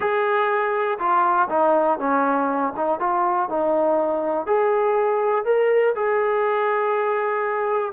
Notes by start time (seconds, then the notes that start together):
0.00 G#4
0.98 F4
1.49 D#4
1.99 C#4
2.76 D#4
2.99 F4
3.49 D#4
4.46 G#4
5.44 A#4
5.95 G#4